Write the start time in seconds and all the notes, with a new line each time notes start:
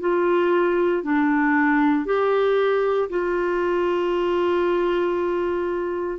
0.00 F4
1.03 D4
2.05 G4
3.09 F4